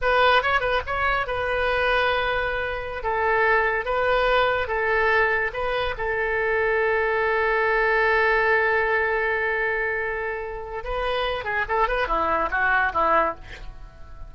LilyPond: \new Staff \with { instrumentName = "oboe" } { \time 4/4 \tempo 4 = 144 b'4 cis''8 b'8 cis''4 b'4~ | b'2.~ b'16 a'8.~ | a'4~ a'16 b'2 a'8.~ | a'4~ a'16 b'4 a'4.~ a'16~ |
a'1~ | a'1~ | a'2 b'4. gis'8 | a'8 b'8 e'4 fis'4 e'4 | }